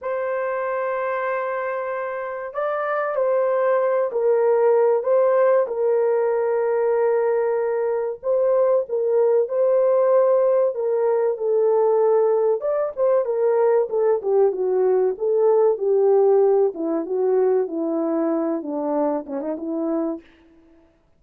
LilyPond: \new Staff \with { instrumentName = "horn" } { \time 4/4 \tempo 4 = 95 c''1 | d''4 c''4. ais'4. | c''4 ais'2.~ | ais'4 c''4 ais'4 c''4~ |
c''4 ais'4 a'2 | d''8 c''8 ais'4 a'8 g'8 fis'4 | a'4 g'4. e'8 fis'4 | e'4. d'4 cis'16 dis'16 e'4 | }